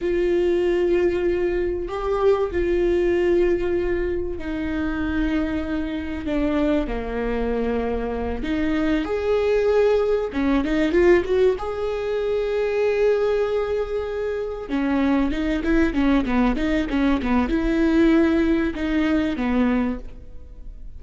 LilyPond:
\new Staff \with { instrumentName = "viola" } { \time 4/4 \tempo 4 = 96 f'2. g'4 | f'2. dis'4~ | dis'2 d'4 ais4~ | ais4. dis'4 gis'4.~ |
gis'8 cis'8 dis'8 f'8 fis'8 gis'4.~ | gis'2.~ gis'8 cis'8~ | cis'8 dis'8 e'8 cis'8 b8 dis'8 cis'8 b8 | e'2 dis'4 b4 | }